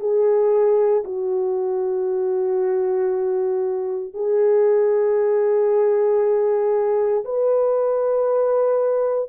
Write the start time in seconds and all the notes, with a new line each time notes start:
0.00 G#4
1.05 F#4
4.14 G#4
7.25 B4